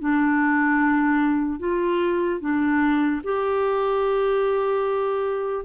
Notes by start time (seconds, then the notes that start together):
0.00 D4
1.59 F4
2.41 D4
3.24 G4